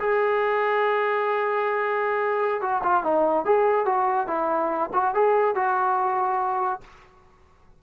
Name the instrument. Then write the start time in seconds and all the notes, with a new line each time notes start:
trombone
0.00 G#4
2.61 F#4
2.83 F4
3.04 D#4
3.45 G#4
3.86 F#4
4.27 E4
4.94 F#4
5.15 G#4
5.55 F#4